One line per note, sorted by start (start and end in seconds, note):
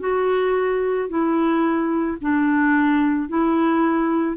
0.00 1.09 F#4
1.09 2.18 E4
2.21 3.29 D4
3.29 4.37 E4